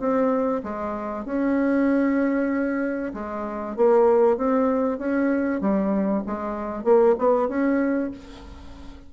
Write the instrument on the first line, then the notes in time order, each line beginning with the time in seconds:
bassoon
0.00 C4
0.64 G#3
1.26 C#4
3.14 G#3
3.77 A#3
4.38 C4
4.99 C#4
5.61 G3
6.27 G#3
6.84 A#3
7.19 B3
7.49 C#4